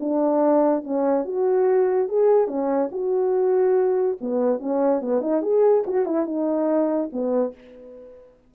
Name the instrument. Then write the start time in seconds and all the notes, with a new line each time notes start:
horn
0.00 D4
0.84 C#4
1.25 F#4
2.08 G#4
2.48 C#4
2.92 F#4
4.21 B3
4.59 C#4
5.01 B3
5.21 D#4
5.42 G#4
5.87 F#4
6.06 E4
6.26 D#4
7.13 B3